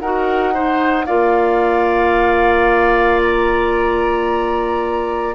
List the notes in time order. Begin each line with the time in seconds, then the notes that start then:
0.00 D#4 F#4 A#4 F#5
0.54 D#4 C5
1.06 A#3 F4 D5 F5
3.22 A#5